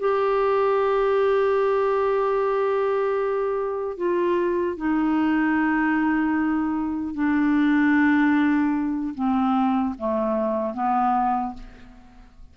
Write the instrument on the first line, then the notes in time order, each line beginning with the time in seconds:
clarinet
0.00 G4
3.97 F4
4.77 D#4
7.15 D4
9.15 C4
9.99 A3
10.74 B3